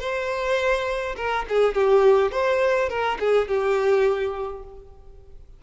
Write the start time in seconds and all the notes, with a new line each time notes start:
0.00 C5
1.16 A#4
1.49 G#4
1.75 G4
2.32 C5
2.89 A#4
3.20 G#4
3.48 G4